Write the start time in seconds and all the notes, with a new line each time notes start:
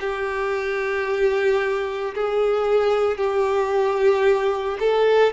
0.00 G4
2.14 G#4
3.17 G4
4.79 A4